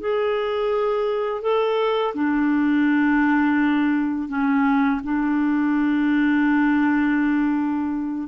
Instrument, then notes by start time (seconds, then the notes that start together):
clarinet
0.00 G#4
1.42 A4
2.15 D4
4.28 C#4
5.04 D4